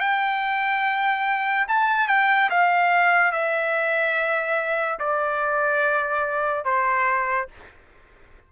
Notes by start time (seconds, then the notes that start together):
0.00 G5
1.68 A5
2.08 G5
2.50 F5
3.32 E5
4.99 D5
6.65 C5